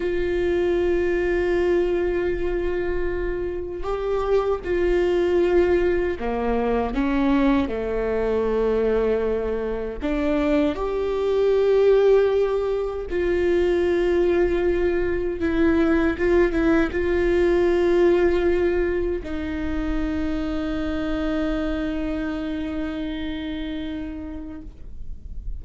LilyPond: \new Staff \with { instrumentName = "viola" } { \time 4/4 \tempo 4 = 78 f'1~ | f'4 g'4 f'2 | ais4 cis'4 a2~ | a4 d'4 g'2~ |
g'4 f'2. | e'4 f'8 e'8 f'2~ | f'4 dis'2.~ | dis'1 | }